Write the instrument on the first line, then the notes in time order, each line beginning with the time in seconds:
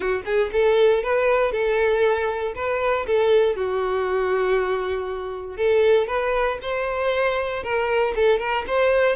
violin
0.00 F#4
0.25 G#4
0.52 A4
1.03 B4
1.51 A4
2.55 B4
3.06 A4
3.55 F#4
5.57 A4
6.07 B4
6.61 C5
7.63 A#4
8.15 A4
8.39 A#4
8.67 C5